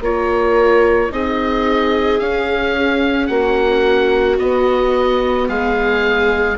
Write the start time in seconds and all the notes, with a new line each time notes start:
0.00 A#3 F4 A#4 C#5
1.10 C4 D#4 G#4 D#5
2.19 C#4 F5
3.26 A#3 F#4 F#5
4.37 B3 D#5
5.48 G#3 G#4 F5